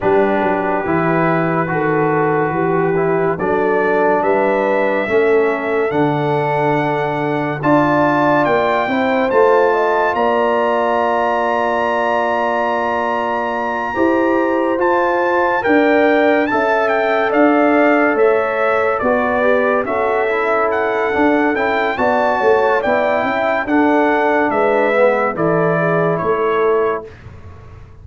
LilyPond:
<<
  \new Staff \with { instrumentName = "trumpet" } { \time 4/4 \tempo 4 = 71 b'1 | d''4 e''2 fis''4~ | fis''4 a''4 g''4 a''4 | ais''1~ |
ais''4. a''4 g''4 a''8 | g''8 f''4 e''4 d''4 e''8~ | e''8 fis''4 g''8 a''4 g''4 | fis''4 e''4 d''4 cis''4 | }
  \new Staff \with { instrumentName = "horn" } { \time 4/4 g'2 a'4 g'4 | a'4 b'4 a'2~ | a'4 d''4. c''4 dis''8 | d''1~ |
d''8 c''2 d''4 e''8~ | e''8 d''4 cis''4 b'4 a'8~ | a'2 d''8 cis''8 d''8 e''8 | a'4 b'4 a'8 gis'8 a'4 | }
  \new Staff \with { instrumentName = "trombone" } { \time 4/4 d'4 e'4 fis'4. e'8 | d'2 cis'4 d'4~ | d'4 f'4. e'8 f'4~ | f'1~ |
f'8 g'4 f'4 ais'4 a'8~ | a'2~ a'8 fis'8 g'8 fis'8 | e'4 d'8 e'8 fis'4 e'4 | d'4. b8 e'2 | }
  \new Staff \with { instrumentName = "tuba" } { \time 4/4 g8 fis8 e4 dis4 e4 | fis4 g4 a4 d4~ | d4 d'4 ais8 c'8 a4 | ais1~ |
ais8 e'4 f'4 d'4 cis'8~ | cis'8 d'4 a4 b4 cis'8~ | cis'4 d'8 cis'8 b8 a8 b8 cis'8 | d'4 gis4 e4 a4 | }
>>